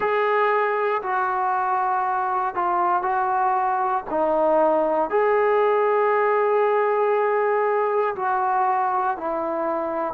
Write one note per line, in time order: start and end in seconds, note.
0.00 1.02 G#4
1.02 2.54 F#4
2.54 3.02 F4
3.02 4.04 F#4
4.10 5.09 D#4
5.09 8.14 G#4
8.15 9.17 F#4
9.17 10.14 E4